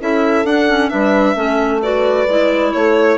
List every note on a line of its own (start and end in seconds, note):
0.00 0.44 C#4
0.00 0.45 E4
0.00 0.91 A4
0.00 0.46 E5
0.44 0.90 D4
0.44 0.69 D4
0.44 0.89 F#5
0.69 0.90 C#4
0.89 1.35 G3
0.89 1.35 D4
0.89 1.36 B4
0.89 1.80 E5
1.35 2.26 A3
1.35 1.80 C#4
1.35 1.82 A4
1.82 2.27 F#4
1.82 2.73 B4
1.82 2.73 D5
2.28 2.73 G#3
2.28 3.18 E4
2.73 3.18 A3
2.73 3.18 A4
2.73 3.18 C#5